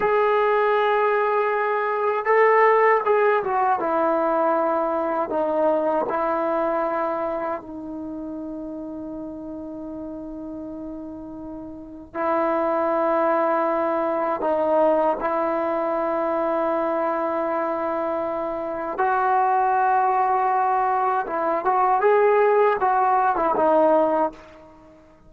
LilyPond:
\new Staff \with { instrumentName = "trombone" } { \time 4/4 \tempo 4 = 79 gis'2. a'4 | gis'8 fis'8 e'2 dis'4 | e'2 dis'2~ | dis'1 |
e'2. dis'4 | e'1~ | e'4 fis'2. | e'8 fis'8 gis'4 fis'8. e'16 dis'4 | }